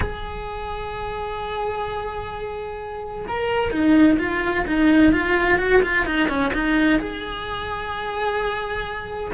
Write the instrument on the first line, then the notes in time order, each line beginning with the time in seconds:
cello
0.00 G#4
3.28 A#4
3.71 D#4
4.18 F4
4.66 D#4
5.12 F4
5.58 F#4
5.82 F4
6.05 D#4
6.28 C#4
6.53 D#4
6.99 G#4